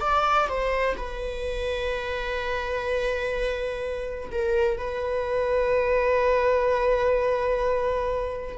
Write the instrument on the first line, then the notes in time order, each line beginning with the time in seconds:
viola
0.00 D5
0.48 C5
0.97 B4
4.31 A#4
4.77 B4